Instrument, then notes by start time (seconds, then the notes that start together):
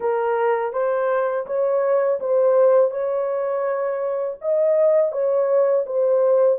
horn
0.00 A#4
0.72 C5
1.46 C#5
2.20 C5
2.91 C#5
4.41 D#5
5.12 C#5
5.86 C5